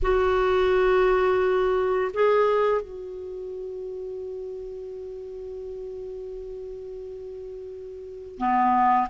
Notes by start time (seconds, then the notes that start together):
0.02 F#4
2.13 G#4
2.81 F#4
8.38 B3